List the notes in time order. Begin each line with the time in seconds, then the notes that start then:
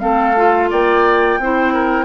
0.00 A3 C4 A4 F5
0.36 F4
0.70 A#3 D5 G5
1.39 C4 E4 C5
1.74 A#4